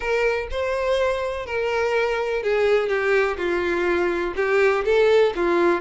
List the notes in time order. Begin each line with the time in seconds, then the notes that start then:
0.00 A#4
0.50 C5
1.46 A#4
2.42 G#4
2.88 G4
3.37 F4
4.36 G4
4.84 A4
5.35 F4